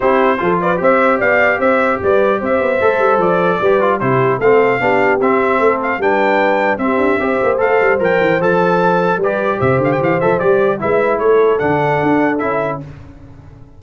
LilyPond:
<<
  \new Staff \with { instrumentName = "trumpet" } { \time 4/4 \tempo 4 = 150 c''4. d''8 e''4 f''4 | e''4 d''4 e''2 | d''2 c''4 f''4~ | f''4 e''4. f''8 g''4~ |
g''4 e''2 f''4 | g''4 a''2 d''4 | e''8 f''16 g''16 f''8 e''8 d''4 e''4 | cis''4 fis''2 e''4 | }
  \new Staff \with { instrumentName = "horn" } { \time 4/4 g'4 a'8 b'8 c''4 d''4 | c''4 b'4 c''2~ | c''4 b'4 g'4 a'4 | g'2 a'4 b'4~ |
b'4 g'4 c''2~ | c''2. b'4 | c''2. b'4 | a'1 | }
  \new Staff \with { instrumentName = "trombone" } { \time 4/4 e'4 f'4 g'2~ | g'2. a'4~ | a'4 g'8 f'8 e'4 c'4 | d'4 c'2 d'4~ |
d'4 c'4 g'4 a'4 | ais'4 a'2 g'4~ | g'4. a'8 g'4 e'4~ | e'4 d'2 e'4 | }
  \new Staff \with { instrumentName = "tuba" } { \time 4/4 c'4 f4 c'4 b4 | c'4 g4 c'8 b8 a8 g8 | f4 g4 c4 a4 | b4 c'4 a4 g4~ |
g4 c'8 d'8 c'8 ais8 a8 g8 | f8 e8 f2 g4 | c8 d8 e8 f8 g4 gis4 | a4 d4 d'4 cis'4 | }
>>